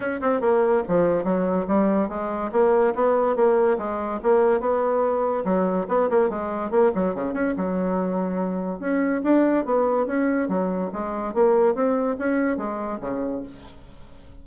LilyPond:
\new Staff \with { instrumentName = "bassoon" } { \time 4/4 \tempo 4 = 143 cis'8 c'8 ais4 f4 fis4 | g4 gis4 ais4 b4 | ais4 gis4 ais4 b4~ | b4 fis4 b8 ais8 gis4 |
ais8 fis8 cis8 cis'8 fis2~ | fis4 cis'4 d'4 b4 | cis'4 fis4 gis4 ais4 | c'4 cis'4 gis4 cis4 | }